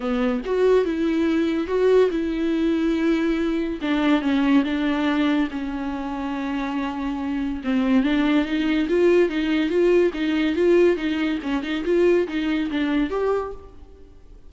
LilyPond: \new Staff \with { instrumentName = "viola" } { \time 4/4 \tempo 4 = 142 b4 fis'4 e'2 | fis'4 e'2.~ | e'4 d'4 cis'4 d'4~ | d'4 cis'2.~ |
cis'2 c'4 d'4 | dis'4 f'4 dis'4 f'4 | dis'4 f'4 dis'4 cis'8 dis'8 | f'4 dis'4 d'4 g'4 | }